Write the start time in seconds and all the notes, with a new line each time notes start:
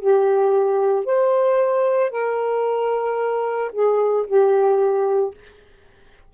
0.00 G4
1.06 C5
2.11 A#4
3.73 G#4
4.27 G4